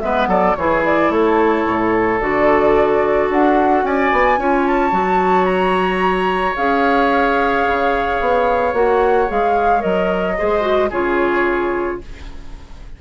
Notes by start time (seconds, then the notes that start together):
0.00 G#3 B3 B4 E5
0.27 F#3 A4 D5
0.55 E3 E4 G#4 C#5
0.85 D5
1.09 A3 A4 C#5
1.67 A2
2.20 D3 F#4 D5
3.30 D4 F#5
3.83 C#4 D5 G#5
4.12 B3
4.37 C#4 F4 C#5
4.67 A5
4.91 F#3 F#4
5.45 A#5
6.56 C#4 G#4 F5
7.66 C#3
8.20 B3
8.73 A#3 F#4 F#5
9.28 G#3 G#4 F5
9.79 F#3 A#4 D#5
10.38 G#3 G#4 C5
10.61 F#4
10.90 C#3 F4 G#4 C#5